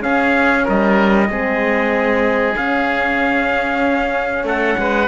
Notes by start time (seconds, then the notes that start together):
0.00 C#4 G#4 F5
0.64 G3 A#4 D#5
1.28 G#3 C4 G#4
2.56 C#4 F5
4.43 A3 A4 F#5
4.78 G#3 B4